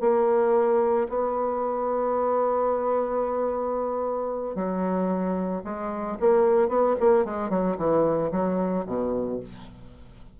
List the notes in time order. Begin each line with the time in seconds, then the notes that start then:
0.00 A#3
1.08 B3
4.55 F#3
5.64 G#3
6.20 A#3
6.68 B3
7.00 A#3
7.24 G#3
7.49 F#3
7.77 E3
8.31 F#3
8.86 B2